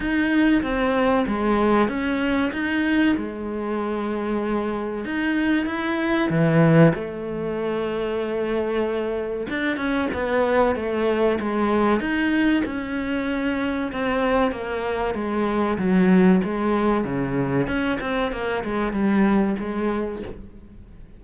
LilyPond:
\new Staff \with { instrumentName = "cello" } { \time 4/4 \tempo 4 = 95 dis'4 c'4 gis4 cis'4 | dis'4 gis2. | dis'4 e'4 e4 a4~ | a2. d'8 cis'8 |
b4 a4 gis4 dis'4 | cis'2 c'4 ais4 | gis4 fis4 gis4 cis4 | cis'8 c'8 ais8 gis8 g4 gis4 | }